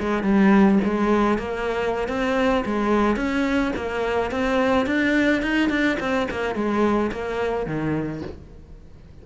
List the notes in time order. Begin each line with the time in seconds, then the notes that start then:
0.00 G#3
0.23 G3
0.85 G#3
1.39 A#3
2.09 C4
2.66 G#3
3.17 C#4
3.77 A#3
4.32 C4
4.87 D4
5.43 D#4
5.70 D4
6.00 C4
6.31 A#3
6.56 G#3
7.12 A#3
7.67 D#3